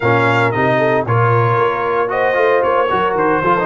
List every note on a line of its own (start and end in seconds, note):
0.00 0.54 A#2
0.00 0.53 C#4
0.00 0.78 A#4
0.00 0.51 F5
0.51 1.05 C3
0.51 1.06 D#4
0.51 1.04 D#5
0.78 1.04 A4
1.05 1.57 A#2
1.05 2.08 F4
1.05 2.11 A#4
1.05 2.09 C#5
1.57 2.36 A#3
2.08 2.33 F#4
2.08 2.89 C5
2.08 2.62 D#5
2.33 2.62 A3
2.33 2.86 F4
2.62 2.90 A#3
2.62 3.15 C#5
2.89 3.14 F#3
2.89 3.43 F#4
2.89 3.42 A#4
3.14 3.41 D#3
3.14 3.66 C5
3.42 3.66 F3
3.42 3.57 F4
3.42 3.66 A4
3.59 3.66 D#4